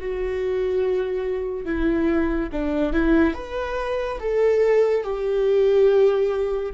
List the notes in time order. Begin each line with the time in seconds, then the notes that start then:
0.00 F#4
1.65 E4
2.52 D4
2.93 E4
3.35 B4
4.20 A4
5.04 G4